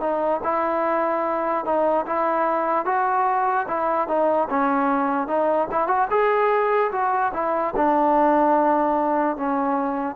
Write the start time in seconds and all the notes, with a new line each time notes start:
0.00 D#4
0.43 E4
1.65 D#4
2.06 E4
2.85 F#4
3.67 E4
4.08 D#4
4.50 C#4
5.27 D#4
5.71 E4
5.87 F#4
6.10 G#4
6.92 F#4
7.33 E4
7.76 D4
9.36 C#4